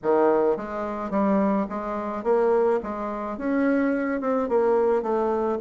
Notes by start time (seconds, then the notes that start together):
0.02 D#3
0.56 G#3
1.10 G3
1.69 G#3
2.23 A#3
2.83 G#3
3.37 C#4
4.21 C4
4.48 A#3
5.02 A3